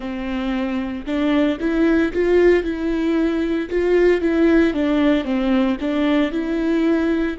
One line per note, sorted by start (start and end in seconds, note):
0.00 1.05 C4
1.05 1.58 D4
1.59 2.12 E4
2.12 2.63 F4
2.63 3.68 E4
3.69 4.21 F4
4.21 4.73 E4
4.73 5.24 D4
5.24 5.77 C4
5.80 6.31 D4
6.31 7.36 E4